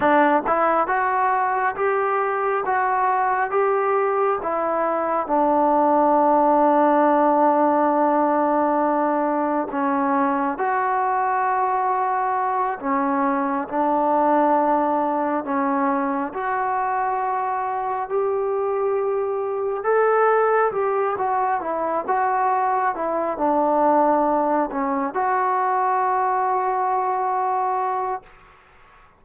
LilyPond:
\new Staff \with { instrumentName = "trombone" } { \time 4/4 \tempo 4 = 68 d'8 e'8 fis'4 g'4 fis'4 | g'4 e'4 d'2~ | d'2. cis'4 | fis'2~ fis'8 cis'4 d'8~ |
d'4. cis'4 fis'4.~ | fis'8 g'2 a'4 g'8 | fis'8 e'8 fis'4 e'8 d'4. | cis'8 fis'2.~ fis'8 | }